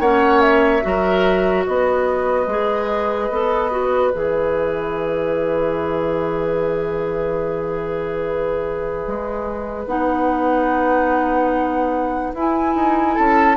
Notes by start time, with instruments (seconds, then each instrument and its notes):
0.00 bassoon A#3, clarinet C#4, oboe C#5, flute F#5
0.41 flute E5
0.82 bassoon F#3, clarinet F#4, oboe A#4
1.67 bassoon B3, oboe B4, flute D#5
2.47 bassoon G#3, clarinet G#4
3.30 bassoon B3, clarinet A4
3.71 clarinet F#4
4.11 bassoon E3, clarinet G#4, flute E5
9.07 bassoon G#3
9.86 bassoon B3, clarinet D#4, flute F#5
12.35 bassoon E4, clarinet E4, flute G#5
12.76 bassoon D#4
13.15 bassoon C#4, oboe A4, flute A5